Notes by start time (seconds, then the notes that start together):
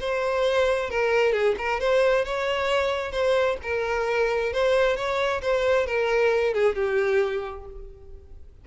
0.00 C5
0.90 A#4
1.32 G#4
1.58 A#4
1.80 C5
2.25 C#5
3.11 C5
3.63 A#4
4.53 C5
4.96 C#5
5.42 C5
5.86 A#4
6.53 G#4
6.75 G4